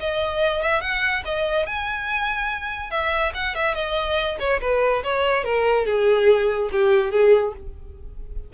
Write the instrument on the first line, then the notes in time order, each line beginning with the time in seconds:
violin
0.00 D#5
0.62 E5
0.81 F#5
1.25 D#5
1.66 G#5
2.91 E5
3.34 F#5
3.55 E5
3.75 D#5
4.40 C#5
4.61 B4
5.03 C#5
5.44 A#4
5.86 G#4
6.72 G4
7.11 G#4